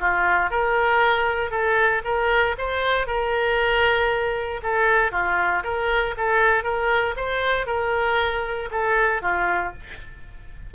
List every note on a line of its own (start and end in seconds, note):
0.00 0.50 F4
0.50 1.51 A#4
1.51 2.02 A4
2.04 2.55 A#4
2.58 3.07 C5
3.07 4.60 A#4
4.62 5.12 A4
5.12 5.63 F4
5.63 6.14 A#4
6.17 6.63 A4
6.63 7.15 A#4
7.16 7.66 C5
7.66 8.69 A#4
8.71 9.22 A4
9.22 9.73 F4